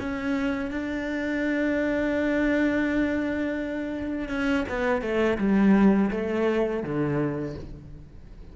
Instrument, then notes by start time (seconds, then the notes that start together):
cello
0.00 C#4
0.71 D4
4.28 C#4
4.69 B3
5.01 A3
5.38 G3
6.11 A3
6.83 D3